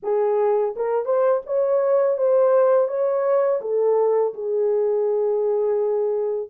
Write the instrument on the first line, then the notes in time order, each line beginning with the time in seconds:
horn
0.02 G#4
0.76 A#4
1.05 C5
1.46 C#5
2.17 C5
2.88 C#5
3.61 A4
4.33 G#4